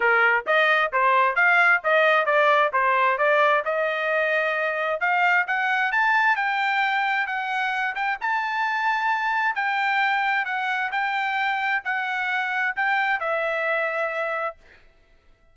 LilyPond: \new Staff \with { instrumentName = "trumpet" } { \time 4/4 \tempo 4 = 132 ais'4 dis''4 c''4 f''4 | dis''4 d''4 c''4 d''4 | dis''2. f''4 | fis''4 a''4 g''2 |
fis''4. g''8 a''2~ | a''4 g''2 fis''4 | g''2 fis''2 | g''4 e''2. | }